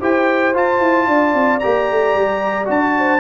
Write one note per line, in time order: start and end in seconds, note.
0.00 0.55 E4
0.00 0.54 G4
0.00 1.07 C5
0.00 0.56 G5
0.54 1.61 F4
0.54 0.81 F4
0.54 1.60 A5
0.81 1.07 E4
1.07 1.34 D4
1.07 2.96 D5
1.34 1.61 C4
1.60 1.91 A#3
1.60 2.65 G4
1.60 2.67 A#5
1.91 2.15 A3
2.15 2.68 G3
2.65 3.20 D4
2.65 3.19 F#4
2.65 3.20 A5
2.98 3.20 C5